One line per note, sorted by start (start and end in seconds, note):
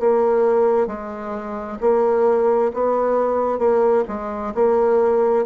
0.00 0.87 A#3
0.87 1.78 G#3
1.81 2.71 A#3
2.74 3.59 B3
3.59 4.04 A#3
4.08 4.53 G#3
4.55 5.45 A#3